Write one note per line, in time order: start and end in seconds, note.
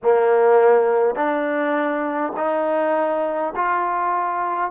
0.03 1.15 A#3
1.15 2.33 D4
2.36 3.53 D#4
3.55 4.71 F4